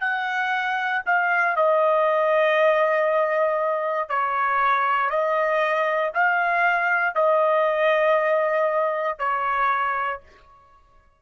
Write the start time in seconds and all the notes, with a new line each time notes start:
0.00 F#5
1.05 F5
1.56 D#5
4.09 C#5
5.09 D#5
6.14 F5
7.15 D#5
9.18 C#5